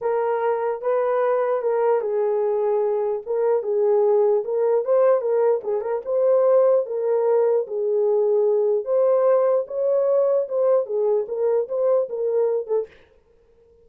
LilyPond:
\new Staff \with { instrumentName = "horn" } { \time 4/4 \tempo 4 = 149 ais'2 b'2 | ais'4 gis'2. | ais'4 gis'2 ais'4 | c''4 ais'4 gis'8 ais'8 c''4~ |
c''4 ais'2 gis'4~ | gis'2 c''2 | cis''2 c''4 gis'4 | ais'4 c''4 ais'4. a'8 | }